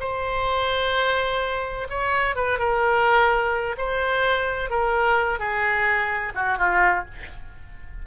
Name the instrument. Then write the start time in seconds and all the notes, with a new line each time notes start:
oboe
0.00 C5
1.89 C#5
2.35 B4
2.59 A#4
3.78 C5
4.70 A#4
5.39 G#4
6.35 F#4
6.58 F4